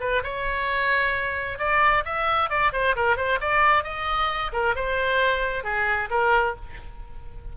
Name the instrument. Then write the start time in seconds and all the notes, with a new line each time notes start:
oboe
0.00 B4
0.23 C#5
1.59 D5
2.05 E5
2.50 D5
2.73 C5
2.96 A#4
3.16 C5
3.41 D5
3.84 D#5
4.52 A#4
4.75 C5
5.64 G#4
6.10 A#4